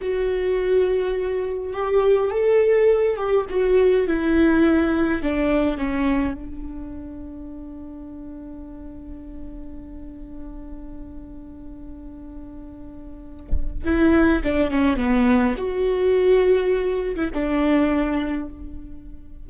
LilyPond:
\new Staff \with { instrumentName = "viola" } { \time 4/4 \tempo 4 = 104 fis'2. g'4 | a'4. g'8 fis'4 e'4~ | e'4 d'4 cis'4 d'4~ | d'1~ |
d'1~ | d'1 | e'4 d'8 cis'8 b4 fis'4~ | fis'4.~ fis'16 e'16 d'2 | }